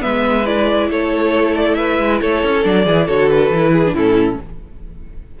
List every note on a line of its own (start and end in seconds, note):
0.00 0.90 G#3
0.00 0.44 B3
0.00 0.88 B4
0.00 0.46 E5
0.45 2.62 E4
0.45 0.90 D5
0.90 1.99 A3
0.90 1.77 A4
0.90 1.55 C#5
1.55 1.74 D5
1.74 2.21 B4
1.74 2.18 E5
1.99 2.20 G#3
2.21 2.43 A3
2.21 2.85 A4
2.21 2.64 C#5
2.43 2.65 C#4
2.62 2.86 F#3
2.62 2.84 D4
2.62 3.07 D5
2.85 3.08 E3
2.85 3.08 E4
2.85 3.05 G#4
3.05 3.50 D3
3.05 3.52 F#4
3.05 3.71 A4
3.05 3.29 C#5
3.29 3.94 B4
3.50 3.92 E3
3.50 3.86 E4
3.72 3.94 G#4
3.86 4.35 A2
3.86 3.95 D4
3.94 4.39 C#4
3.94 4.38 E4
3.94 4.40 A4